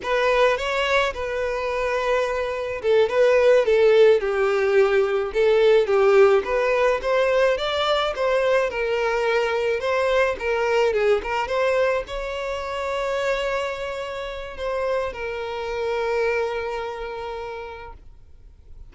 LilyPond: \new Staff \with { instrumentName = "violin" } { \time 4/4 \tempo 4 = 107 b'4 cis''4 b'2~ | b'4 a'8 b'4 a'4 g'8~ | g'4. a'4 g'4 b'8~ | b'8 c''4 d''4 c''4 ais'8~ |
ais'4. c''4 ais'4 gis'8 | ais'8 c''4 cis''2~ cis''8~ | cis''2 c''4 ais'4~ | ais'1 | }